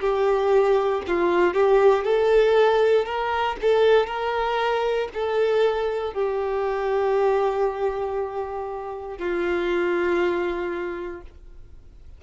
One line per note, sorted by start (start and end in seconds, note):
0.00 1.02 G4
1.07 1.53 F4
1.53 2.04 G4
2.04 3.05 A4
3.05 3.56 A#4
3.61 4.06 A4
4.06 5.08 A#4
5.14 6.13 A4
6.13 9.18 G4
9.18 11.21 F4